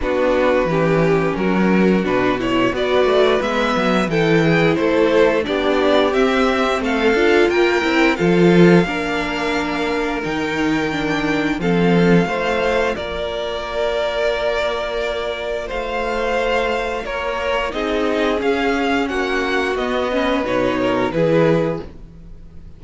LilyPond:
<<
  \new Staff \with { instrumentName = "violin" } { \time 4/4 \tempo 4 = 88 b'2 ais'4 b'8 cis''8 | d''4 e''4 g''4 c''4 | d''4 e''4 f''4 g''4 | f''2. g''4~ |
g''4 f''2 d''4~ | d''2. f''4~ | f''4 cis''4 dis''4 f''4 | fis''4 dis''4 cis''4 b'4 | }
  \new Staff \with { instrumentName = "violin" } { \time 4/4 fis'4 g'4 fis'2 | b'2 a'8 gis'8 a'4 | g'2 a'4 ais'4 | a'4 ais'2.~ |
ais'4 a'4 c''4 ais'4~ | ais'2. c''4~ | c''4 ais'4 gis'2 | fis'4. b'4 ais'8 gis'4 | }
  \new Staff \with { instrumentName = "viola" } { \time 4/4 d'4 cis'2 d'8 e'8 | fis'4 b4 e'2 | d'4 c'4. f'4 e'8 | f'4 d'2 dis'4 |
d'4 c'4 f'2~ | f'1~ | f'2 dis'4 cis'4~ | cis'4 b8 cis'8 dis'4 e'4 | }
  \new Staff \with { instrumentName = "cello" } { \time 4/4 b4 e4 fis4 b,4 | b8 a8 gis8 fis8 e4 a4 | b4 c'4 a8 d'8 ais8 c'8 | f4 ais2 dis4~ |
dis4 f4 a4 ais4~ | ais2. a4~ | a4 ais4 c'4 cis'4 | ais4 b4 b,4 e4 | }
>>